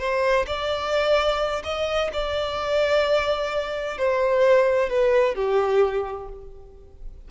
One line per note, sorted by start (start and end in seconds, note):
0.00 0.47 C5
0.47 1.63 D5
1.64 2.11 D#5
2.13 3.99 D5
3.99 4.90 C5
4.90 5.36 B4
5.36 6.29 G4